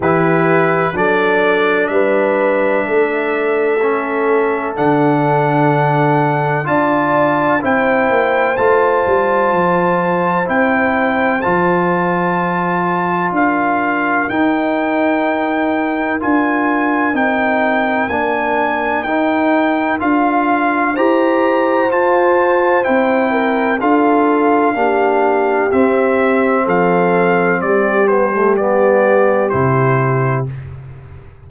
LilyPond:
<<
  \new Staff \with { instrumentName = "trumpet" } { \time 4/4 \tempo 4 = 63 b'4 d''4 e''2~ | e''4 fis''2 a''4 | g''4 a''2 g''4 | a''2 f''4 g''4~ |
g''4 gis''4 g''4 gis''4 | g''4 f''4 ais''4 a''4 | g''4 f''2 e''4 | f''4 d''8 c''8 d''4 c''4 | }
  \new Staff \with { instrumentName = "horn" } { \time 4/4 g'4 a'4 b'4 a'4~ | a'2. d''4 | c''1~ | c''2 ais'2~ |
ais'1~ | ais'2 c''2~ | c''8 ais'8 a'4 g'2 | a'4 g'2. | }
  \new Staff \with { instrumentName = "trombone" } { \time 4/4 e'4 d'2. | cis'4 d'2 f'4 | e'4 f'2 e'4 | f'2. dis'4~ |
dis'4 f'4 dis'4 d'4 | dis'4 f'4 g'4 f'4 | e'4 f'4 d'4 c'4~ | c'4. b16 a16 b4 e'4 | }
  \new Staff \with { instrumentName = "tuba" } { \time 4/4 e4 fis4 g4 a4~ | a4 d2 d'4 | c'8 ais8 a8 g8 f4 c'4 | f2 d'4 dis'4~ |
dis'4 d'4 c'4 ais4 | dis'4 d'4 e'4 f'4 | c'4 d'4 ais4 c'4 | f4 g2 c4 | }
>>